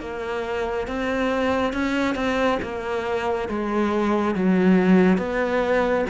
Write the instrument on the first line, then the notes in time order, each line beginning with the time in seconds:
cello
0.00 A#3
0.87 C4
1.73 C#4
2.15 C4
2.62 A#3
3.49 G#3
4.35 F#3
5.18 B3